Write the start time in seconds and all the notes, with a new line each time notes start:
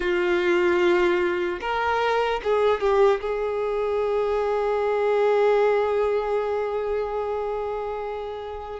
0.00 F4
1.60 A#4
2.43 G#4
2.80 G4
3.20 G#4